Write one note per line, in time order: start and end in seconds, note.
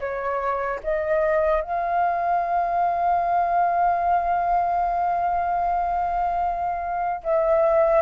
0.00 0.80 C#5
0.84 1.62 D#5
1.62 7.22 F5
7.24 8.02 E5